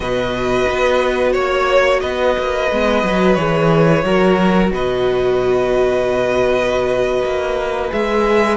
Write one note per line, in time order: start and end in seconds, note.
0.00 0.64 B2
0.00 2.71 F#4
0.00 1.32 B4
0.00 1.33 D#5
0.69 1.35 B3
1.32 2.03 A#3
1.32 1.99 C#5
1.32 2.00 C#5
2.00 2.36 B3
2.00 4.04 B4
2.00 3.34 D#5
2.38 2.71 A#3
2.71 3.03 G#3
2.71 3.05 B3
3.03 3.36 F#3
3.03 3.38 F#4
3.34 4.03 E3
3.34 4.05 G#4
3.34 4.69 C#5
4.03 4.70 F#3
4.03 7.89 F#4
4.03 4.72 A#4
4.70 7.23 B2
4.70 8.57 B4
4.70 7.92 D#5
7.23 7.91 A#3
7.89 8.57 G#3
7.89 8.57 G#4
7.89 8.57 E5